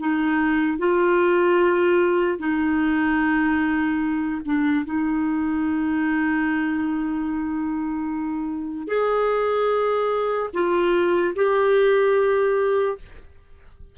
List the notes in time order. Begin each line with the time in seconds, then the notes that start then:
0.00 D#4
0.79 F4
2.39 D#4
4.46 D4
4.85 D#4
8.88 G#4
10.54 F4
11.36 G4